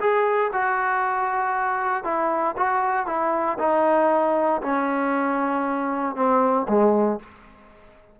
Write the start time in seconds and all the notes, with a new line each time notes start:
0.00 G#4
0.53 F#4
2.04 E4
2.57 F#4
3.07 E4
3.59 D#4
4.62 C#4
6.16 C4
6.69 G#3